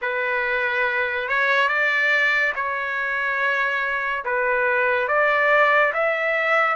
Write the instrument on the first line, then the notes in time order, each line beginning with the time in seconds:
trumpet
0.01 B4
1.28 C#5
1.68 D5
2.55 C#5
4.24 B4
5.08 D5
5.93 E5